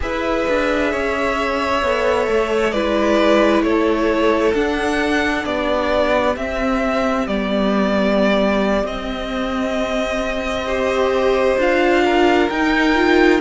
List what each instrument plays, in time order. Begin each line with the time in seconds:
0.00 cello E4, viola G#4, violin B4 E5
0.48 cello D4
0.91 cello C#4, violin C#5
1.81 cello B3, viola A4
2.27 cello A3
2.71 cello G#3, viola E4, violin B4 D5
3.62 cello A3, violin A4 C#5
4.54 cello D4, viola D4, violin F#5
5.45 cello B3, violin G4 D5
6.36 cello C4, viola C4, violin E5
7.27 cello G3, viola B3, violin D5
8.83 cello C4, viola C4, violin D#5
10.67 viola G4, violin C5
11.58 cello D4, viola F4, violin F5
12.05 violin A#4
12.49 cello D#4, viola D#4, violin G5
12.95 viola F4